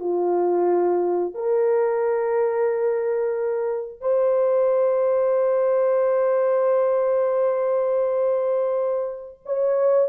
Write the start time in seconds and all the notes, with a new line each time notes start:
0.00 F4
1.34 A#4
4.01 C5
9.45 C#5